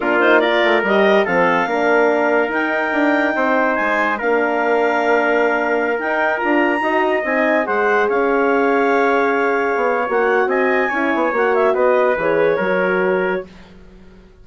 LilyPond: <<
  \new Staff \with { instrumentName = "clarinet" } { \time 4/4 \tempo 4 = 143 ais'8 c''8 d''4 dis''4 f''4~ | f''2 g''2~ | g''4 gis''4 f''2~ | f''2~ f''16 g''4 ais''8.~ |
ais''4~ ais''16 gis''4 fis''4 f''8.~ | f''1 | fis''4 gis''2 fis''8 e''8 | dis''4 cis''2. | }
  \new Staff \with { instrumentName = "trumpet" } { \time 4/4 f'4 ais'2 a'4 | ais'1 | c''2 ais'2~ | ais'1~ |
ais'16 dis''2 c''4 cis''8.~ | cis''1~ | cis''4 dis''4 cis''2 | b'2 ais'2 | }
  \new Staff \with { instrumentName = "horn" } { \time 4/4 d'8 dis'8 f'4 g'4 c'4 | d'2 dis'2~ | dis'2 d'2~ | d'2~ d'16 dis'4 f'8.~ |
f'16 fis'4 dis'4 gis'4.~ gis'16~ | gis'1 | fis'2 e'4 fis'4~ | fis'4 gis'4 fis'2 | }
  \new Staff \with { instrumentName = "bassoon" } { \time 4/4 ais4. a8 g4 f4 | ais2 dis'4 d'4 | c'4 gis4 ais2~ | ais2~ ais16 dis'4 d'8.~ |
d'16 dis'4 c'4 gis4 cis'8.~ | cis'2.~ cis'16 b8. | ais4 c'4 cis'8 b8 ais4 | b4 e4 fis2 | }
>>